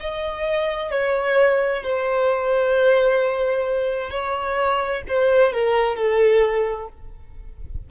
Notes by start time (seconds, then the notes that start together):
0.00 D#5
0.91 C#5
1.83 C5
4.10 C#5
5.08 C5
5.53 A#4
5.96 A4